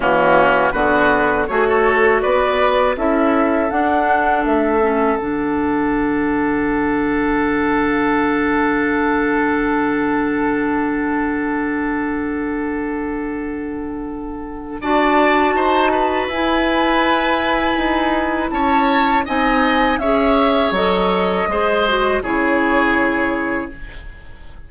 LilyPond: <<
  \new Staff \with { instrumentName = "flute" } { \time 4/4 \tempo 4 = 81 fis'4 b'4 cis''4 d''4 | e''4 fis''4 e''4 fis''4~ | fis''1~ | fis''1~ |
fis''1 | a''2 gis''2~ | gis''4 a''4 gis''4 e''4 | dis''2 cis''2 | }
  \new Staff \with { instrumentName = "oboe" } { \time 4/4 cis'4 fis'4 gis'16 a'8. b'4 | a'1~ | a'1~ | a'1~ |
a'1 | d''4 c''8 b'2~ b'8~ | b'4 cis''4 dis''4 cis''4~ | cis''4 c''4 gis'2 | }
  \new Staff \with { instrumentName = "clarinet" } { \time 4/4 ais4 b4 fis'2 | e'4 d'4. cis'8 d'4~ | d'1~ | d'1~ |
d'1 | fis'2 e'2~ | e'2 dis'4 gis'4 | a'4 gis'8 fis'8 e'2 | }
  \new Staff \with { instrumentName = "bassoon" } { \time 4/4 e4 d4 a4 b4 | cis'4 d'4 a4 d4~ | d1~ | d1~ |
d1 | d'4 dis'4 e'2 | dis'4 cis'4 c'4 cis'4 | fis4 gis4 cis2 | }
>>